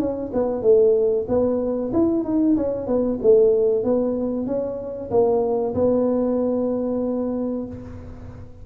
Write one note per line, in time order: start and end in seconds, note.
0.00 0.32 C#4
0.34 0.63 B3
0.63 1.26 A3
1.28 1.92 B3
1.94 2.25 E4
2.25 2.56 D#4
2.57 2.87 C#4
2.87 3.19 B3
3.22 3.84 A3
3.84 4.47 B3
4.47 5.11 C#4
5.11 5.75 A#3
5.75 7.67 B3